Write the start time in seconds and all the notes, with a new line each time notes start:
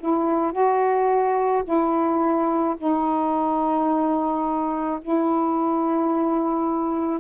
0.00 E4
0.53 F#4
1.65 E4
2.78 D#4
5.02 E4